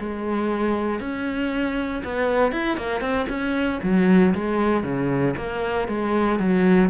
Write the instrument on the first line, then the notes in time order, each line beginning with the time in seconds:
cello
0.00 G#3
1.00 C#4
2.04 B3
2.53 E4
2.78 A#3
3.01 C4
3.29 C#4
3.83 F#3
4.35 G#3
4.84 C#3
5.37 A#3
5.88 G#3
6.40 F#3